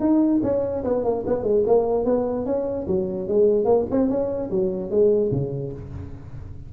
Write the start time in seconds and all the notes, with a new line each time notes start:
0.00 D#4
0.43 C#4
0.84 B3
1.04 A#3
1.26 B3
1.43 G#3
1.66 A#3
2.05 B3
2.45 C#4
2.87 F#3
3.28 G#3
3.65 A#3
3.91 C4
4.09 C#4
4.50 F#3
4.90 G#3
5.32 C#3